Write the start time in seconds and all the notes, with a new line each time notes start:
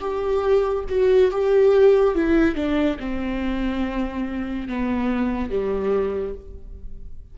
0.00 G4
0.89 F#4
1.31 G4
2.14 E4
2.55 D4
2.99 C4
4.68 B3
5.50 G3